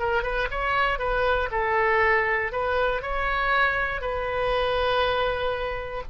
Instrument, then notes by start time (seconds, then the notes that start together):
oboe
0.00 A#4
0.23 B4
0.51 C#5
0.99 B4
1.52 A4
2.52 B4
3.02 C#5
4.01 B4